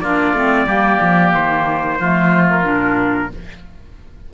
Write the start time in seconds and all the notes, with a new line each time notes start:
0.00 A#3 D4 F4 D5
0.33 A3 C4
0.66 G3 A#3 G4
1.01 F3
1.34 D#3 C5
1.99 F3 A3 F4
2.51 A#4
2.63 A#2 D4